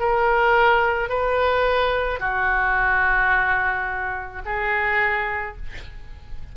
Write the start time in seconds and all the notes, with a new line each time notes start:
0.00 A#4
1.10 B4
2.20 F#4
4.45 G#4